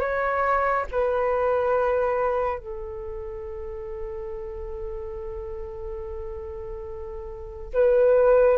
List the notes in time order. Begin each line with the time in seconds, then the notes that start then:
0.00 C#5
0.92 B4
2.59 A4
7.73 B4